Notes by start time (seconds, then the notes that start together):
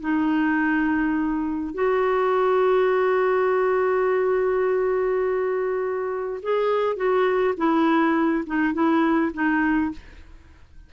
0.00 D#4
1.74 F#4
6.42 G#4
6.96 F#4
7.57 E4
8.46 D#4
8.74 E4
9.33 D#4